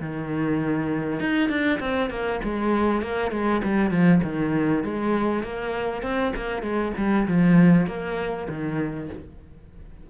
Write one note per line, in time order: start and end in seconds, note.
0.00 1.20 D#3
1.20 1.49 D#4
1.49 1.79 D4
1.80 2.10 C4
2.10 2.40 A#3
2.44 3.02 G#3
3.02 3.31 A#3
3.31 3.61 G#3
3.64 3.91 G3
3.91 4.21 F3
4.23 4.83 D#3
4.83 5.43 G#3
5.43 6.02 A#3
6.02 6.33 C4
6.36 6.62 A#3
6.62 6.93 G#3
6.97 7.27 G3
7.28 7.87 F3
7.87 8.47 A#3
8.49 9.09 D#3